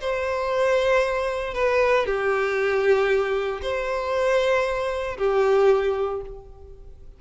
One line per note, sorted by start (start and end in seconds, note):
0.00 1.54 C5
1.54 2.05 B4
2.06 3.61 G4
3.62 5.17 C5
5.17 6.21 G4